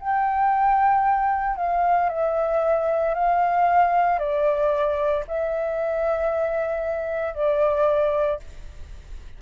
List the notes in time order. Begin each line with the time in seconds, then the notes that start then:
0.00 G5
1.57 F5
2.10 E5
3.15 F5
4.19 D5
5.28 E5
7.34 D5